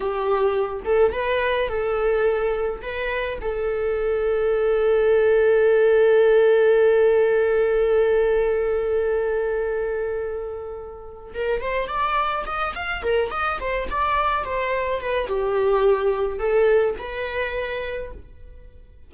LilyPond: \new Staff \with { instrumentName = "viola" } { \time 4/4 \tempo 4 = 106 g'4. a'8 b'4 a'4~ | a'4 b'4 a'2~ | a'1~ | a'1~ |
a'1 | ais'8 c''8 d''4 dis''8 f''8 ais'8 dis''8 | c''8 d''4 c''4 b'8 g'4~ | g'4 a'4 b'2 | }